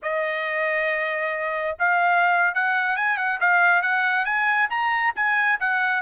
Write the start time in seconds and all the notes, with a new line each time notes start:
0.02 D#5
1.79 F5
2.54 F#5
2.96 G#5
3.17 F#5
3.40 F5
3.82 F#5
4.25 G#5
4.70 A#5
5.15 G#5
5.60 F#5